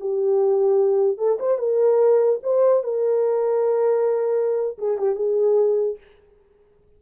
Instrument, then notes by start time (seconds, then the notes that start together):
horn
0.00 G4
1.18 A4
1.39 C5
1.58 A#4
2.43 C5
2.83 A#4
4.78 G#4
4.98 G4
5.15 G#4